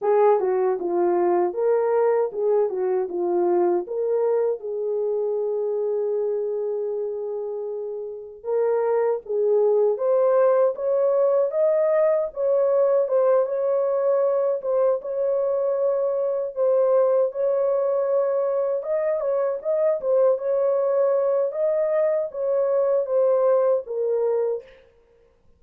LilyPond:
\new Staff \with { instrumentName = "horn" } { \time 4/4 \tempo 4 = 78 gis'8 fis'8 f'4 ais'4 gis'8 fis'8 | f'4 ais'4 gis'2~ | gis'2. ais'4 | gis'4 c''4 cis''4 dis''4 |
cis''4 c''8 cis''4. c''8 cis''8~ | cis''4. c''4 cis''4.~ | cis''8 dis''8 cis''8 dis''8 c''8 cis''4. | dis''4 cis''4 c''4 ais'4 | }